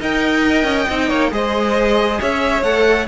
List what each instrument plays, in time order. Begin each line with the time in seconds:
0.00 cello D#4, viola A#4, violin D#5 G5
0.65 cello C#4
0.90 cello C4, viola D#4
1.09 cello A#3, violin C#5
1.31 cello G#3, viola G#4, violin C5 D#5
2.21 cello C#4, violin C#5 E5
2.63 cello A3, viola A4, violin F#5